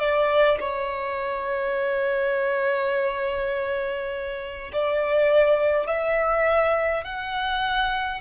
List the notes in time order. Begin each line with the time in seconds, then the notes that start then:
0.00 D5
0.60 C#5
4.73 D5
5.87 E5
7.04 F#5